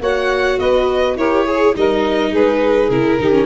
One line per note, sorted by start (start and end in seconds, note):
0.00 0.58 A#3
0.00 1.18 F#4
0.00 0.59 C#5
0.00 0.59 F#5
0.59 1.16 B3
0.59 1.17 B4
0.59 1.17 D#5
1.16 1.74 E4
1.16 1.48 G4
1.16 1.46 A#4
1.16 1.75 C#5
1.46 1.75 G#4
1.75 2.32 G3
1.75 2.91 D#4
1.75 2.32 A#4
1.75 2.35 D#5
2.32 2.89 G#3
2.32 3.18 G#4
2.32 2.90 B4
2.89 3.18 C#3
2.89 3.21 E4
2.89 3.46 A#4
3.19 3.46 D#3
3.19 3.31 D#4
3.19 3.46 G4
3.31 3.46 C#4